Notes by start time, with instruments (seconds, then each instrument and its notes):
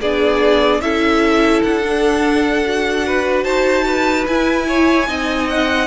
0.00 cello B3, viola D4, violin G#4 D5
0.80 cello C#4, viola E4, violin A4 E5
1.63 cello D4, violin F#5
1.82 viola D4
2.66 viola F#4
3.06 violin B4
3.44 cello D#4, violin C5 A5
3.85 violin B4
4.27 cello E4, viola E4, violin G#5
4.67 violin C#5
5.08 cello C4, viola D#4, violin D#5
5.49 violin F#5